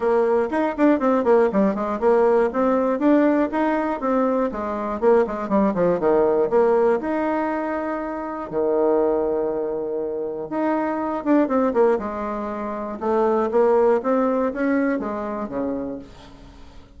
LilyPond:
\new Staff \with { instrumentName = "bassoon" } { \time 4/4 \tempo 4 = 120 ais4 dis'8 d'8 c'8 ais8 g8 gis8 | ais4 c'4 d'4 dis'4 | c'4 gis4 ais8 gis8 g8 f8 | dis4 ais4 dis'2~ |
dis'4 dis2.~ | dis4 dis'4. d'8 c'8 ais8 | gis2 a4 ais4 | c'4 cis'4 gis4 cis4 | }